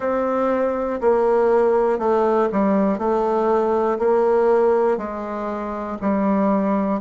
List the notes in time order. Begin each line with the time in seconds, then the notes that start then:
0.00 C4
1.00 A#3
1.99 A3
2.52 G3
2.98 A3
3.98 A#3
4.97 G#3
6.01 G3